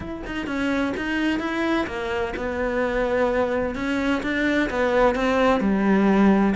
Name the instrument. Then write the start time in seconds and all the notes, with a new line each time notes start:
cello
0.00 E4
0.26 D#4
0.46 C#4
0.96 D#4
1.39 E4
1.86 A#3
2.36 B3
3.75 C#4
4.23 D4
4.70 B3
5.15 C4
5.60 G3